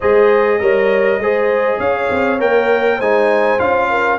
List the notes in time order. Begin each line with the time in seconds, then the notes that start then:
0.00 G#3 G#4 C5 D#5
0.60 G3 A#4 C#5
1.19 G#3 G#4 C5
1.79 C#4 C#5 F5
2.10 C4
2.39 A#3 A#4 G5
2.97 G#3 D#4 C5 G#5
3.58 C#4 F4 F5
3.89 A#4